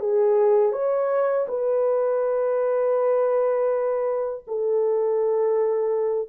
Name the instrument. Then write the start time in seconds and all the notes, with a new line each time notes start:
horn
0.00 G#4
0.72 C#5
1.48 B4
4.47 A4